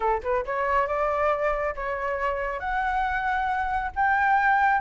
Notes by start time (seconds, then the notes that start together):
0.00 A4
0.23 B4
0.45 C#5
0.87 D5
1.75 C#5
2.59 F#5
3.95 G5